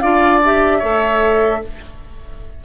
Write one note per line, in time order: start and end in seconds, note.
0.00 0.82 D4
0.00 0.42 F4
0.00 0.79 D5
0.00 0.40 F5
0.45 0.82 G4
0.45 1.65 E5
0.79 1.62 A3
0.79 1.62 A4
0.79 1.59 C#5